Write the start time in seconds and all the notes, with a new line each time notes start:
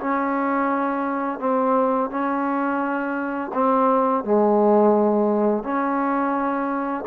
0.00 C#4
1.40 C4
2.10 C#4
3.54 C4
4.24 G#3
5.64 C#4